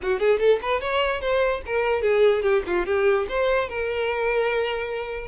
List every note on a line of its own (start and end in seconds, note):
0.02 0.19 F#4
0.19 0.39 G#4
0.39 0.59 A4
0.62 0.81 B4
0.81 1.21 C#5
1.21 1.61 C5
1.65 2.01 A#4
2.01 2.42 G#4
2.42 2.62 G4
2.66 2.86 F4
2.86 3.27 G4
3.28 3.68 C5
3.68 5.27 A#4